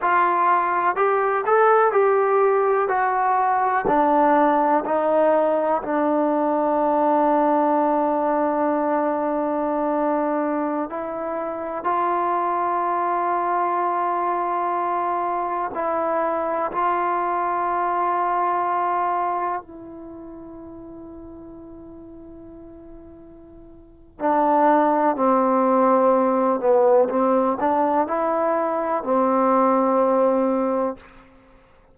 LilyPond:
\new Staff \with { instrumentName = "trombone" } { \time 4/4 \tempo 4 = 62 f'4 g'8 a'8 g'4 fis'4 | d'4 dis'4 d'2~ | d'2.~ d'16 e'8.~ | e'16 f'2.~ f'8.~ |
f'16 e'4 f'2~ f'8.~ | f'16 e'2.~ e'8.~ | e'4 d'4 c'4. b8 | c'8 d'8 e'4 c'2 | }